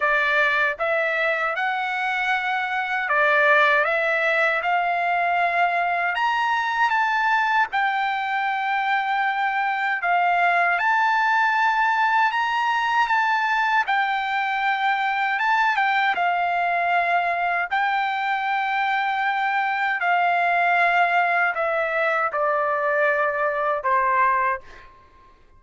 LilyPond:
\new Staff \with { instrumentName = "trumpet" } { \time 4/4 \tempo 4 = 78 d''4 e''4 fis''2 | d''4 e''4 f''2 | ais''4 a''4 g''2~ | g''4 f''4 a''2 |
ais''4 a''4 g''2 | a''8 g''8 f''2 g''4~ | g''2 f''2 | e''4 d''2 c''4 | }